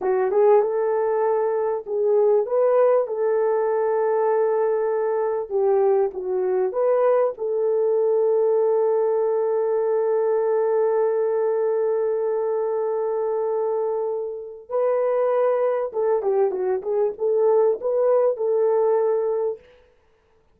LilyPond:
\new Staff \with { instrumentName = "horn" } { \time 4/4 \tempo 4 = 98 fis'8 gis'8 a'2 gis'4 | b'4 a'2.~ | a'4 g'4 fis'4 b'4 | a'1~ |
a'1~ | a'1 | b'2 a'8 g'8 fis'8 gis'8 | a'4 b'4 a'2 | }